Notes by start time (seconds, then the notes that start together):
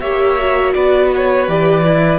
0.00 A#3 G4 C#5 E5
0.39 F#4
0.74 B3 B4 D5
1.15 C#5
1.47 E3 G4 D5
1.83 E4